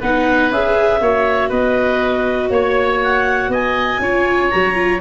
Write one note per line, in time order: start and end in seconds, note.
0.00 0.51 B3
0.00 0.52 D#4
0.00 1.00 B4
0.00 0.51 F#5
0.51 1.01 C#4
0.51 1.02 G#4
0.51 1.50 E5
1.01 1.51 A#3
1.01 4.02 F#4
1.01 1.49 C#5
1.49 2.50 B3
1.49 2.49 B4
1.49 2.50 D#5
2.50 3.48 A#3
2.50 3.00 C#5
2.50 3.51 C#5
3.03 3.53 F#5
3.48 3.98 B3
3.48 4.01 D#5
3.48 4.50 G#5
3.99 4.49 C#4
3.99 4.52 F4
3.99 5.01 C#5
4.50 5.01 F#3
4.50 4.75 F#4
4.50 5.00 A#5
4.75 5.00 F4